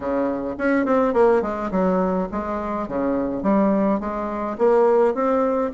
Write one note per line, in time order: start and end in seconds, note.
0.00 0.55 C#3
0.57 0.85 C#4
0.85 1.13 C4
1.13 1.41 A#3
1.41 1.70 G#3
1.71 2.28 F#3
2.31 2.88 G#3
2.88 3.43 C#3
3.43 4.00 G3
4.00 4.57 G#3
4.58 5.14 A#3
5.14 5.71 C4